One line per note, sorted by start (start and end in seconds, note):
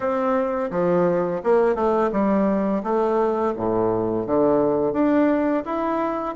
0.00 0.70 C4
0.71 1.41 F3
1.43 1.75 A#3
1.75 2.10 A3
2.12 2.82 G3
2.83 3.53 A3
3.56 4.26 A2
4.26 4.93 D3
4.93 5.63 D4
5.65 6.35 E4